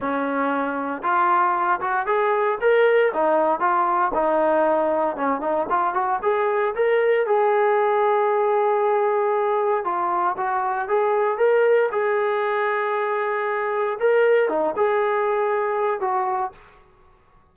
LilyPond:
\new Staff \with { instrumentName = "trombone" } { \time 4/4 \tempo 4 = 116 cis'2 f'4. fis'8 | gis'4 ais'4 dis'4 f'4 | dis'2 cis'8 dis'8 f'8 fis'8 | gis'4 ais'4 gis'2~ |
gis'2. f'4 | fis'4 gis'4 ais'4 gis'4~ | gis'2. ais'4 | dis'8 gis'2~ gis'8 fis'4 | }